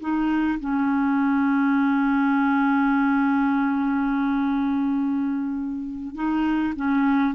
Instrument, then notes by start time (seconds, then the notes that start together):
clarinet
0.00 D#4
0.60 C#4
6.15 D#4
6.75 C#4